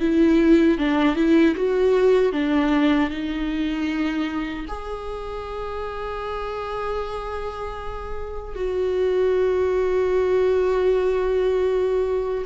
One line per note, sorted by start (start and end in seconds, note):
0.00 0.78 E4
0.78 1.16 D4
1.16 1.55 E4
1.55 2.32 F#4
2.32 3.10 D4
3.10 4.66 D#4
4.68 8.55 G#4
8.55 12.45 F#4